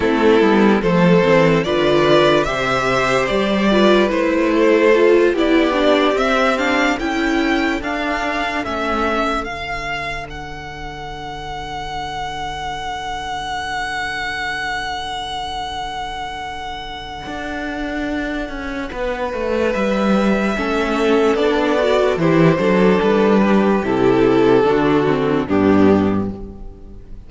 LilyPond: <<
  \new Staff \with { instrumentName = "violin" } { \time 4/4 \tempo 4 = 73 a'4 c''4 d''4 e''4 | d''4 c''4. d''4 e''8 | f''8 g''4 f''4 e''4 f''8~ | f''8 fis''2.~ fis''8~ |
fis''1~ | fis''1 | e''2 d''4 c''4 | b'4 a'2 g'4 | }
  \new Staff \with { instrumentName = "violin" } { \time 4/4 e'4 a'4 b'4 c''4~ | c''8 b'4 a'4 g'4.~ | g'8 a'2.~ a'8~ | a'1~ |
a'1~ | a'2. b'4~ | b'4 a'2 g'8 a'8~ | a'8 g'4. fis'4 d'4 | }
  \new Staff \with { instrumentName = "viola" } { \time 4/4 c'8 b8 a8 c'8 f'4 g'4~ | g'8 f'8 e'4 f'8 e'8 d'8 c'8 | d'8 e'4 d'4 cis'4 d'8~ | d'1~ |
d'1~ | d'1~ | d'4 cis'4 d'8 fis'8 e'8 d'8~ | d'4 e'4 d'8 c'8 b4 | }
  \new Staff \with { instrumentName = "cello" } { \time 4/4 a8 g8 f8 e8 d4 c4 | g4 a4. b4 c'8~ | c'8 cis'4 d'4 a4 d8~ | d1~ |
d1~ | d4 d'4. cis'8 b8 a8 | g4 a4 b4 e8 fis8 | g4 c4 d4 g,4 | }
>>